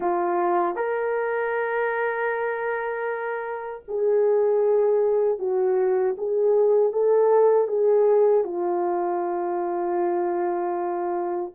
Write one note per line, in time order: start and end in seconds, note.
0.00 0.75 F4
0.75 3.83 A#4
3.88 5.38 G#4
5.38 6.15 F#4
6.17 6.92 G#4
6.92 7.67 A4
7.67 8.44 G#4
8.44 11.51 F4